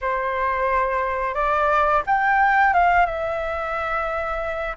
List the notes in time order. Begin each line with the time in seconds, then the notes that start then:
0.01 C5
1.34 D5
2.06 G5
2.73 F5
3.06 E5